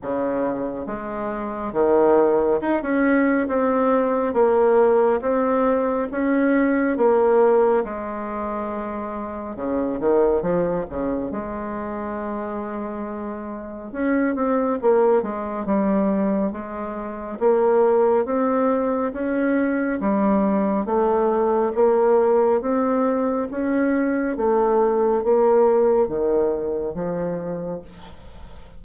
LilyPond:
\new Staff \with { instrumentName = "bassoon" } { \time 4/4 \tempo 4 = 69 cis4 gis4 dis4 dis'16 cis'8. | c'4 ais4 c'4 cis'4 | ais4 gis2 cis8 dis8 | f8 cis8 gis2. |
cis'8 c'8 ais8 gis8 g4 gis4 | ais4 c'4 cis'4 g4 | a4 ais4 c'4 cis'4 | a4 ais4 dis4 f4 | }